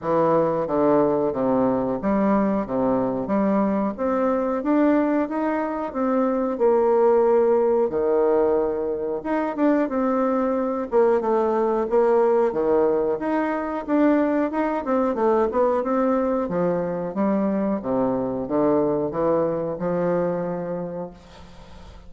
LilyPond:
\new Staff \with { instrumentName = "bassoon" } { \time 4/4 \tempo 4 = 91 e4 d4 c4 g4 | c4 g4 c'4 d'4 | dis'4 c'4 ais2 | dis2 dis'8 d'8 c'4~ |
c'8 ais8 a4 ais4 dis4 | dis'4 d'4 dis'8 c'8 a8 b8 | c'4 f4 g4 c4 | d4 e4 f2 | }